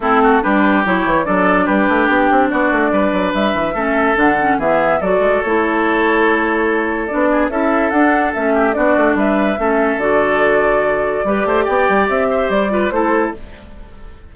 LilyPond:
<<
  \new Staff \with { instrumentName = "flute" } { \time 4/4 \tempo 4 = 144 a'4 b'4 cis''4 d''4 | b'4 g'4 d''2 | e''2 fis''4 e''4 | d''4 cis''2.~ |
cis''4 d''4 e''4 fis''4 | e''4 d''4 e''2 | d''1 | g''4 e''4 d''4 c''4 | }
  \new Staff \with { instrumentName = "oboe" } { \time 4/4 e'8 fis'8 g'2 a'4 | g'2 fis'4 b'4~ | b'4 a'2 gis'4 | a'1~ |
a'4. gis'8 a'2~ | a'8 g'8 fis'4 b'4 a'4~ | a'2. b'8 c''8 | d''4. c''4 b'8 a'4 | }
  \new Staff \with { instrumentName = "clarinet" } { \time 4/4 c'4 d'4 e'4 d'4~ | d'1~ | d'4 cis'4 d'8 cis'8 b4 | fis'4 e'2.~ |
e'4 d'4 e'4 d'4 | cis'4 d'2 cis'4 | fis'2. g'4~ | g'2~ g'8 f'8 e'4 | }
  \new Staff \with { instrumentName = "bassoon" } { \time 4/4 a4 g4 fis8 e8 fis4 | g8 a8 b8 c'8 b8 a8 g8 fis8 | g8 e8 a4 d4 e4 | fis8 gis8 a2.~ |
a4 b4 cis'4 d'4 | a4 b8 a8 g4 a4 | d2. g8 a8 | b8 g8 c'4 g4 a4 | }
>>